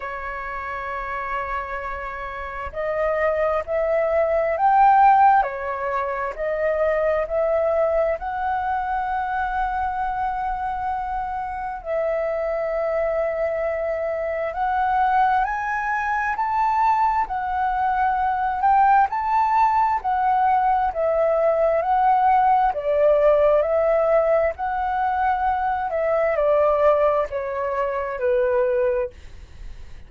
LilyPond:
\new Staff \with { instrumentName = "flute" } { \time 4/4 \tempo 4 = 66 cis''2. dis''4 | e''4 g''4 cis''4 dis''4 | e''4 fis''2.~ | fis''4 e''2. |
fis''4 gis''4 a''4 fis''4~ | fis''8 g''8 a''4 fis''4 e''4 | fis''4 d''4 e''4 fis''4~ | fis''8 e''8 d''4 cis''4 b'4 | }